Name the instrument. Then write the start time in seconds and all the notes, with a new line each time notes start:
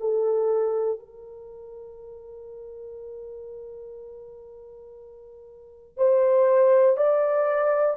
horn
0.00 A4
0.99 A#4
5.97 C5
6.97 D5